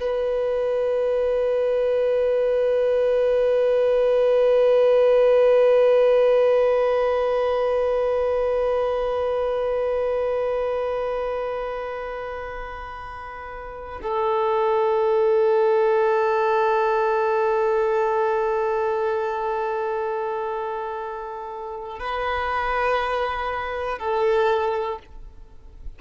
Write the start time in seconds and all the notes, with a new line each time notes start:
0.00 B4
14.02 A4
21.99 B4
23.99 A4